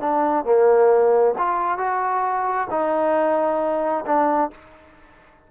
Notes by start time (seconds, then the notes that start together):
0.00 D4
0.45 A#3
1.38 F4
1.78 F#4
2.70 D#4
4.05 D4